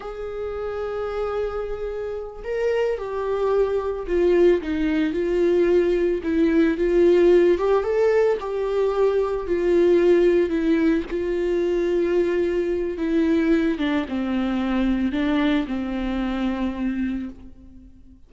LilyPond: \new Staff \with { instrumentName = "viola" } { \time 4/4 \tempo 4 = 111 gis'1~ | gis'8 ais'4 g'2 f'8~ | f'8 dis'4 f'2 e'8~ | e'8 f'4. g'8 a'4 g'8~ |
g'4. f'2 e'8~ | e'8 f'2.~ f'8 | e'4. d'8 c'2 | d'4 c'2. | }